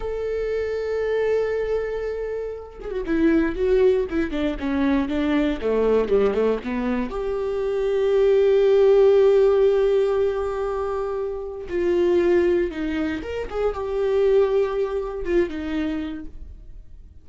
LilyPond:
\new Staff \with { instrumentName = "viola" } { \time 4/4 \tempo 4 = 118 a'1~ | a'4. gis'16 fis'16 e'4 fis'4 | e'8 d'8 cis'4 d'4 a4 | g8 a8 b4 g'2~ |
g'1~ | g'2. f'4~ | f'4 dis'4 ais'8 gis'8 g'4~ | g'2 f'8 dis'4. | }